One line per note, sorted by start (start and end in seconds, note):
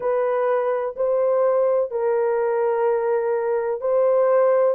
0.00 0.95 B4
0.96 1.90 C5
1.90 3.81 A#4
3.81 4.75 C5